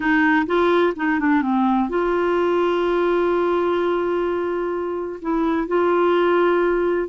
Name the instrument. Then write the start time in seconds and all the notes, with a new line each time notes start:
clarinet
0.00 D#4
0.46 F4
0.96 D#4
1.19 D4
1.42 C4
1.89 F4
5.21 E4
5.67 F4